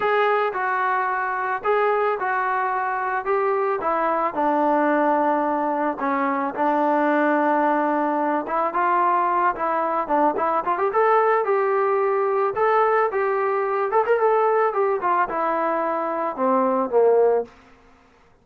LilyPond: \new Staff \with { instrumentName = "trombone" } { \time 4/4 \tempo 4 = 110 gis'4 fis'2 gis'4 | fis'2 g'4 e'4 | d'2. cis'4 | d'2.~ d'8 e'8 |
f'4. e'4 d'8 e'8 f'16 g'16 | a'4 g'2 a'4 | g'4. a'16 ais'16 a'4 g'8 f'8 | e'2 c'4 ais4 | }